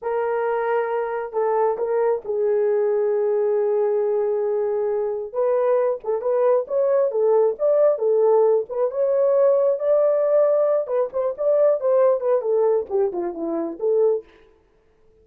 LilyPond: \new Staff \with { instrumentName = "horn" } { \time 4/4 \tempo 4 = 135 ais'2. a'4 | ais'4 gis'2.~ | gis'1 | b'4. a'8 b'4 cis''4 |
a'4 d''4 a'4. b'8 | cis''2 d''2~ | d''8 b'8 c''8 d''4 c''4 b'8 | a'4 g'8 f'8 e'4 a'4 | }